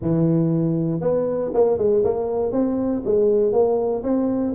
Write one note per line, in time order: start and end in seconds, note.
0.01 1.00 E3
1.00 1.51 B3
1.53 1.77 A#3
1.77 2.03 G#3
2.04 2.52 A#3
2.52 3.02 C4
3.04 3.52 G#3
3.52 4.02 A#3
4.03 4.53 C4